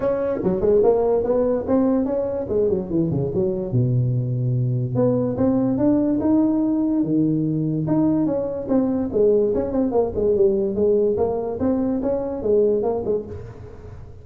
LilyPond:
\new Staff \with { instrumentName = "tuba" } { \time 4/4 \tempo 4 = 145 cis'4 fis8 gis8 ais4 b4 | c'4 cis'4 gis8 fis8 e8 cis8 | fis4 b,2. | b4 c'4 d'4 dis'4~ |
dis'4 dis2 dis'4 | cis'4 c'4 gis4 cis'8 c'8 | ais8 gis8 g4 gis4 ais4 | c'4 cis'4 gis4 ais8 gis8 | }